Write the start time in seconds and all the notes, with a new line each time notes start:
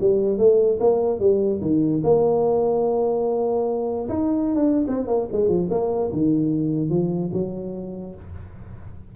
0.00 G3
0.38 A3
0.79 A#3
1.19 G3
1.61 D#3
2.03 A#3
4.08 D#4
4.55 D4
4.87 C4
5.07 A#3
5.32 G#3
5.48 F3
5.70 A#3
6.12 D#3
6.89 F3
7.32 F#3